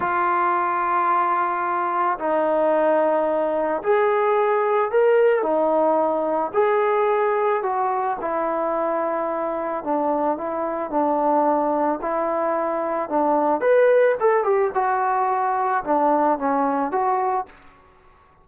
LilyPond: \new Staff \with { instrumentName = "trombone" } { \time 4/4 \tempo 4 = 110 f'1 | dis'2. gis'4~ | gis'4 ais'4 dis'2 | gis'2 fis'4 e'4~ |
e'2 d'4 e'4 | d'2 e'2 | d'4 b'4 a'8 g'8 fis'4~ | fis'4 d'4 cis'4 fis'4 | }